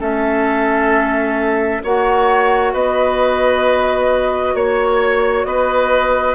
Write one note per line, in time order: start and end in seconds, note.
0.00 1.83 A3
0.00 1.82 C#4
0.00 1.83 A4
0.00 1.84 E5
1.84 2.74 A#3
1.84 6.35 F#4
1.84 2.73 C#5
1.84 2.74 F#5
2.73 4.55 B3
2.73 4.55 B4
2.73 4.56 D#5
4.55 5.45 A#3
4.55 5.47 C#5
4.55 5.45 C#5
5.45 6.35 B3
5.45 6.35 B4
5.45 6.35 D#5